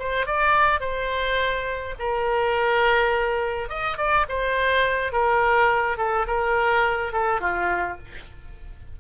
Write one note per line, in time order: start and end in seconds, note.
0.00 0.27 C5
0.27 0.81 D5
0.81 1.95 C5
1.99 3.69 A#4
3.69 3.98 D#5
3.98 4.26 D5
4.29 5.13 C5
5.13 5.98 A#4
5.98 6.26 A4
6.27 7.13 A#4
7.13 7.41 A4
7.41 7.98 F4